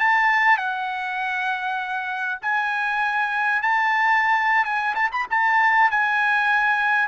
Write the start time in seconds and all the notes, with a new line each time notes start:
0.00 A5
0.58 F#5
2.42 G#5
3.63 A5
4.65 G#5
4.95 A5
5.12 B5
5.30 A5
5.91 G#5